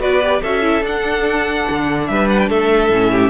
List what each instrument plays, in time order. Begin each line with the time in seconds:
0.00 cello B3, viola F#4, violin B4 D5
0.22 viola G4
0.42 cello C#4, viola F#4, violin A4 E5
0.62 viola E4
0.82 cello D4, viola D4, violin F#5
1.70 cello D3
2.07 cello G3, violin B4 E5
2.30 violin F#5
2.39 violin G5
2.49 cello A3, violin A4 E5
2.90 cello A2, viola C#4
3.12 violin G4